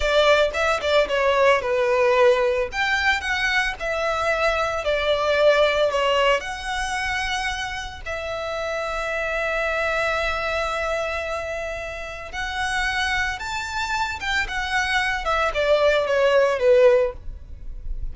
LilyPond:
\new Staff \with { instrumentName = "violin" } { \time 4/4 \tempo 4 = 112 d''4 e''8 d''8 cis''4 b'4~ | b'4 g''4 fis''4 e''4~ | e''4 d''2 cis''4 | fis''2. e''4~ |
e''1~ | e''2. fis''4~ | fis''4 a''4. g''8 fis''4~ | fis''8 e''8 d''4 cis''4 b'4 | }